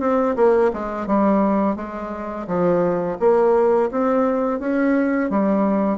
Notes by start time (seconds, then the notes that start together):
0.00 C4
0.36 A#3
0.73 G#3
1.07 G3
1.76 G#3
2.47 F3
3.19 A#3
3.91 C4
4.59 C#4
5.30 G3